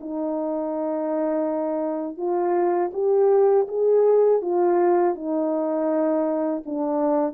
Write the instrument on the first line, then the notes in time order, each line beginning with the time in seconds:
horn
0.00 D#4
2.17 F4
2.93 G4
3.68 G#4
4.41 F4
5.15 D#4
6.66 D4